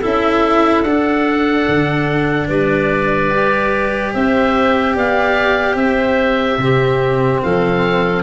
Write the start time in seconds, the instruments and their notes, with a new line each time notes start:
0.00 tuba C#4, cello E4, clarinet A4, oboe E5
0.83 tuba D4, cello D4, oboe F#5
1.68 tuba D3
2.47 tuba G3, clarinet B4, oboe D5
3.30 cello G4
4.13 tuba C4, clarinet C5, oboe E5
4.95 tuba B3, clarinet D5, oboe F5
5.74 tuba C4, clarinet C5, oboe E5
6.58 tuba C3, cello C4, clarinet G4
7.43 tuba F3, clarinet A4, oboe F5